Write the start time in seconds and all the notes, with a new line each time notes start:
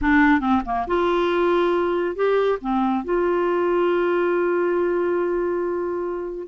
0.01 D4
0.40 C4
0.65 A#3
0.87 F4
2.15 G4
2.61 C4
3.04 F4